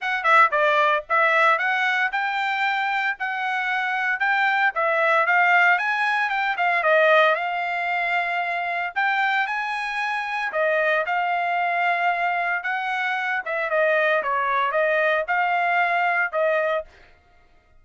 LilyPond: \new Staff \with { instrumentName = "trumpet" } { \time 4/4 \tempo 4 = 114 fis''8 e''8 d''4 e''4 fis''4 | g''2 fis''2 | g''4 e''4 f''4 gis''4 | g''8 f''8 dis''4 f''2~ |
f''4 g''4 gis''2 | dis''4 f''2. | fis''4. e''8 dis''4 cis''4 | dis''4 f''2 dis''4 | }